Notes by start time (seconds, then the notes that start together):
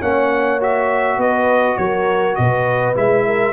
0.00 A#3 C#4 C#5 F#5
0.60 F#4 E5
1.18 B3 B4 D#5
1.78 F#3 A#4 C#5
2.36 B2 B4 D#5
2.95 G#3 E4 E5
3.26 A#4